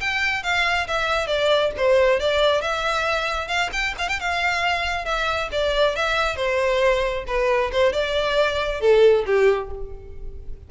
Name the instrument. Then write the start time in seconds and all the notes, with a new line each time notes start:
violin
0.00 G5
0.43 F5
0.87 E5
1.27 D5
1.77 C5
2.20 D5
2.61 E5
3.48 F5
3.72 G5
3.98 F5
4.08 G5
4.20 F5
5.05 E5
5.52 D5
5.95 E5
6.36 C5
7.27 B4
7.72 C5
7.92 D5
8.81 A4
9.26 G4